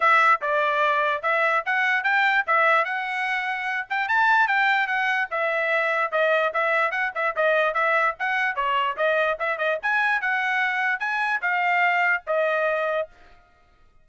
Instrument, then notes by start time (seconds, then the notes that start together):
trumpet
0.00 E5
0.41 D5
1.22 E5
1.65 F#5
2.03 G5
2.46 E5
2.84 F#5
3.89 G5
4.08 A5
4.47 G5
4.87 F#5
5.30 E5
6.11 D#5
6.53 E5
6.91 F#5
7.14 E5
7.35 D#5
7.74 E5
8.19 F#5
8.55 C#5
8.96 D#5
9.39 E5
9.58 D#5
9.82 G#5
10.21 F#5
10.99 G#5
11.41 F5
12.27 D#5